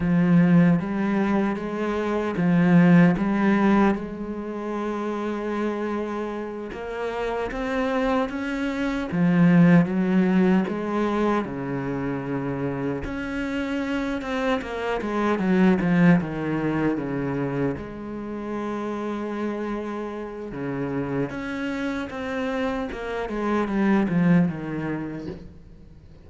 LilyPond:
\new Staff \with { instrumentName = "cello" } { \time 4/4 \tempo 4 = 76 f4 g4 gis4 f4 | g4 gis2.~ | gis8 ais4 c'4 cis'4 f8~ | f8 fis4 gis4 cis4.~ |
cis8 cis'4. c'8 ais8 gis8 fis8 | f8 dis4 cis4 gis4.~ | gis2 cis4 cis'4 | c'4 ais8 gis8 g8 f8 dis4 | }